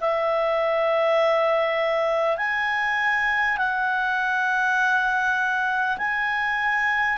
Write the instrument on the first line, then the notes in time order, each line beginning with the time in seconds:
clarinet
0.00 E5
2.37 G#5
3.57 F#5
5.98 G#5